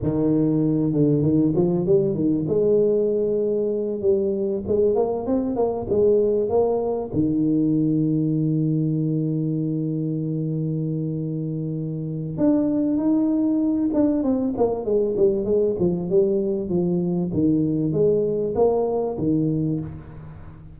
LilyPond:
\new Staff \with { instrumentName = "tuba" } { \time 4/4 \tempo 4 = 97 dis4. d8 dis8 f8 g8 dis8 | gis2~ gis8 g4 gis8 | ais8 c'8 ais8 gis4 ais4 dis8~ | dis1~ |
dis1 | d'4 dis'4. d'8 c'8 ais8 | gis8 g8 gis8 f8 g4 f4 | dis4 gis4 ais4 dis4 | }